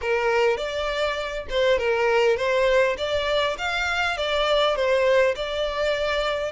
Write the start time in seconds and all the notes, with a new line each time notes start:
0.01 A#4
0.57 D5
1.49 C5
1.78 A#4
2.37 C5
2.97 D5
3.58 F5
4.17 D5
4.75 C5
5.35 D5